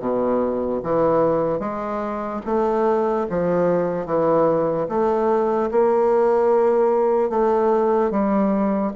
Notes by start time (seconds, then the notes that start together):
0.00 B2
0.83 E3
1.60 G#3
2.46 A3
3.30 F3
4.06 E3
4.89 A3
5.71 A#3
7.30 A3
8.11 G3